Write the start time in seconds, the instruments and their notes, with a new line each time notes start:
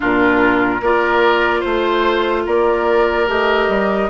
0.00 bassoon A#2, clarinet D4, oboe F4, flute A#4
0.81 bassoon A#3, clarinet F4, oboe A#4, flute D5
1.60 bassoon A3, oboe C5, flute C5
2.46 bassoon A#3, oboe A#4, flute D5
3.27 bassoon A3, clarinet G4, flute D#5
3.68 bassoon G3